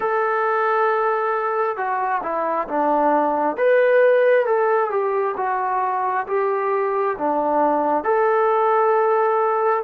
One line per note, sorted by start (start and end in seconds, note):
0.00 1.76 A4
1.76 2.21 F#4
2.22 2.67 E4
2.67 3.56 D4
3.56 4.46 B4
4.46 4.90 A4
4.90 5.35 G4
5.36 6.26 F#4
6.27 7.16 G4
7.18 8.04 D4
8.04 9.83 A4